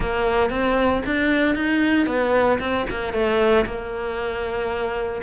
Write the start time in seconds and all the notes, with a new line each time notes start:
0.00 A#3
0.50 C4
1.06 D4
1.55 D#4
2.06 B3
2.59 C4
2.90 A#3
3.13 A3
3.65 A#3